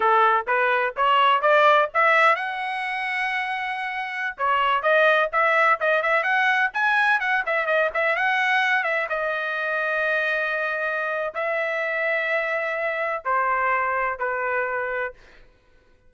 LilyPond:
\new Staff \with { instrumentName = "trumpet" } { \time 4/4 \tempo 4 = 127 a'4 b'4 cis''4 d''4 | e''4 fis''2.~ | fis''4~ fis''16 cis''4 dis''4 e''8.~ | e''16 dis''8 e''8 fis''4 gis''4 fis''8 e''16~ |
e''16 dis''8 e''8 fis''4. e''8 dis''8.~ | dis''1 | e''1 | c''2 b'2 | }